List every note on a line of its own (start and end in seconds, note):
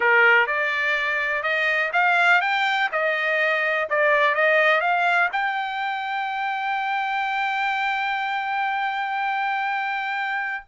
0.00 0.47 A#4
0.47 1.43 D5
1.43 1.91 D#5
1.92 2.41 F5
2.41 2.89 G5
2.92 3.88 D#5
3.89 4.35 D5
4.35 4.81 D#5
4.81 5.29 F5
5.32 10.64 G5